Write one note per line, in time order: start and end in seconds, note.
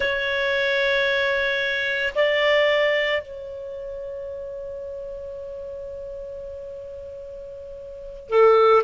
0.00 2.13 C#5
2.15 3.21 D5
3.21 8.29 C#5
8.29 8.82 A4